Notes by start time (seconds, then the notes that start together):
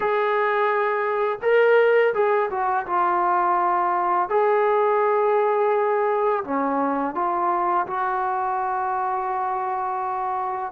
0.00 G#4
1.42 A#4
2.14 G#4
2.50 F#4
2.86 F4
4.29 G#4
6.44 C#4
7.14 F4
7.86 F#4